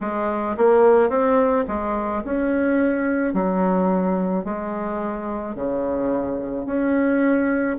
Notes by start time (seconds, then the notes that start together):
0.01 G#3
0.57 A#3
1.09 C4
1.67 G#3
2.24 C#4
3.33 F#3
4.44 G#3
5.55 C#3
6.66 C#4